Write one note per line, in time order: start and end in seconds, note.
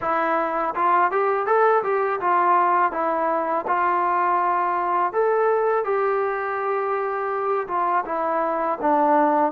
0.01 0.74 E4
0.75 1.11 F4
1.11 1.46 G4
1.46 1.83 A4
1.83 2.20 G4
2.20 2.92 F4
2.92 3.65 E4
3.67 5.12 F4
5.12 5.84 A4
5.84 7.67 G4
7.67 8.04 F4
8.05 8.78 E4
8.81 9.52 D4